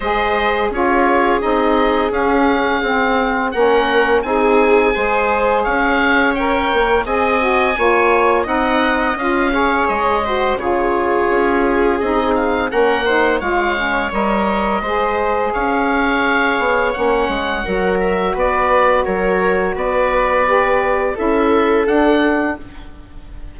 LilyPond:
<<
  \new Staff \with { instrumentName = "oboe" } { \time 4/4 \tempo 4 = 85 dis''4 cis''4 dis''4 f''4~ | f''4 fis''4 gis''2 | f''4 g''4 gis''2 | fis''4 f''4 dis''4 cis''4~ |
cis''4 dis''8 f''8 fis''4 f''4 | dis''2 f''2 | fis''4. e''8 d''4 cis''4 | d''2 e''4 fis''4 | }
  \new Staff \with { instrumentName = "viola" } { \time 4/4 c''4 gis'2.~ | gis'4 ais'4 gis'4 c''4 | cis''2 dis''4 cis''4 | dis''4. cis''4 c''8 gis'4~ |
gis'2 ais'8 c''8 cis''4~ | cis''4 c''4 cis''2~ | cis''4 ais'4 b'4 ais'4 | b'2 a'2 | }
  \new Staff \with { instrumentName = "saxophone" } { \time 4/4 gis'4 f'4 dis'4 cis'4 | c'4 cis'4 dis'4 gis'4~ | gis'4 ais'4 gis'8 fis'8 f'4 | dis'4 f'8 gis'4 fis'8 f'4~ |
f'4 dis'4 cis'8 dis'8 f'8 cis'8 | ais'4 gis'2. | cis'4 fis'2.~ | fis'4 g'4 e'4 d'4 | }
  \new Staff \with { instrumentName = "bassoon" } { \time 4/4 gis4 cis'4 c'4 cis'4 | c'4 ais4 c'4 gis4 | cis'4. ais8 c'4 ais4 | c'4 cis'4 gis4 cis4 |
cis'4 c'4 ais4 gis4 | g4 gis4 cis'4. b8 | ais8 gis8 fis4 b4 fis4 | b2 cis'4 d'4 | }
>>